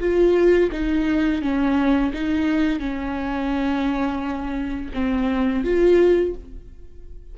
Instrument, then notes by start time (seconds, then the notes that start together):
viola
0.00 F4
0.72 D#4
1.42 C#4
2.14 D#4
2.80 C#4
4.94 C4
5.64 F4